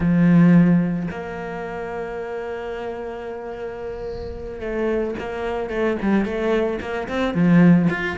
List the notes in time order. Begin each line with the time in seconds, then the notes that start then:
0.00 F3
1.10 A#3
4.60 A3
5.19 A#3
5.70 A3
6.01 G3
6.25 A3
6.80 A#3
7.08 C4
7.34 F3
7.90 F4